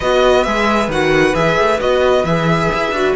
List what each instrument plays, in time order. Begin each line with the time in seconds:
0.00 cello B3, viola F#4, violin B4 D#5
0.43 cello G#3, viola G#4, violin E5
0.87 cello D#3, viola F#4, violin F#5
1.34 cello E3, viola G#4, violin E5
1.57 cello A3
1.79 cello B3, viola F#4, violin D#5
2.24 cello E3, viola G#4, violin E5
2.74 cello E4
2.91 cello D4, viola F#4